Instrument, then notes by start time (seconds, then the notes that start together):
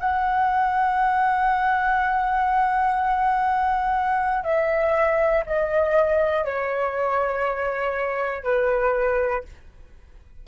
flute
0.00 F#5
4.44 E5
5.46 D#5
6.45 C#5
8.44 B4